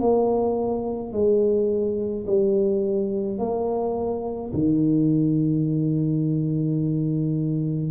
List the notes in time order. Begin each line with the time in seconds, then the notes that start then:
0.00 A#3
1.13 G#3
2.26 G3
3.39 A#3
4.53 D#3